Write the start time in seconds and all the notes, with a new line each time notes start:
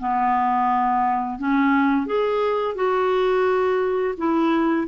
0.00 B3
1.39 C#4
2.07 G#4
2.76 F#4
4.18 E4